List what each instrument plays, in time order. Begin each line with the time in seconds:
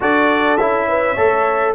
0.00 tuba D4, trombone F#4, horn A4, trumpet D5
0.57 tuba C#4, trombone E4, trumpet E5
0.88 horn B4
1.13 tuba A3, trombone A4, horn C#5